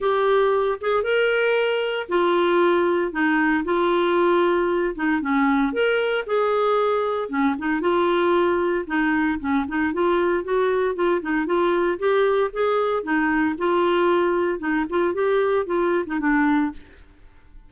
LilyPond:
\new Staff \with { instrumentName = "clarinet" } { \time 4/4 \tempo 4 = 115 g'4. gis'8 ais'2 | f'2 dis'4 f'4~ | f'4. dis'8 cis'4 ais'4 | gis'2 cis'8 dis'8 f'4~ |
f'4 dis'4 cis'8 dis'8 f'4 | fis'4 f'8 dis'8 f'4 g'4 | gis'4 dis'4 f'2 | dis'8 f'8 g'4 f'8. dis'16 d'4 | }